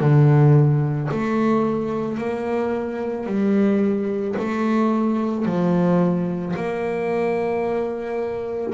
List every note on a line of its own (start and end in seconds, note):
0.00 1.09 D3
1.11 2.18 A3
2.18 3.27 A#3
3.27 4.36 G3
4.39 5.46 A3
5.46 6.55 F3
6.56 8.74 A#3